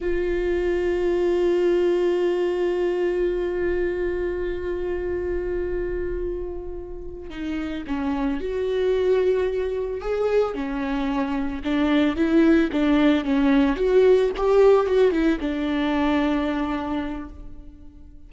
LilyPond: \new Staff \with { instrumentName = "viola" } { \time 4/4 \tempo 4 = 111 f'1~ | f'1~ | f'1~ | f'4. dis'4 cis'4 fis'8~ |
fis'2~ fis'8 gis'4 cis'8~ | cis'4. d'4 e'4 d'8~ | d'8 cis'4 fis'4 g'4 fis'8 | e'8 d'2.~ d'8 | }